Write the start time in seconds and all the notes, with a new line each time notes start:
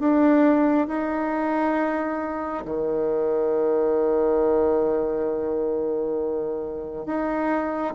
0.00 D4
0.88 D#4
2.66 D#3
7.06 D#4